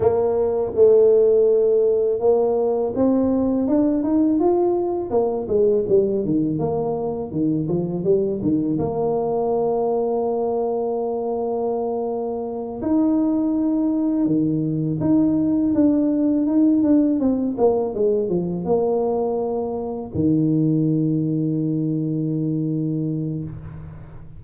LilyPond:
\new Staff \with { instrumentName = "tuba" } { \time 4/4 \tempo 4 = 82 ais4 a2 ais4 | c'4 d'8 dis'8 f'4 ais8 gis8 | g8 dis8 ais4 dis8 f8 g8 dis8 | ais1~ |
ais4. dis'2 dis8~ | dis8 dis'4 d'4 dis'8 d'8 c'8 | ais8 gis8 f8 ais2 dis8~ | dis1 | }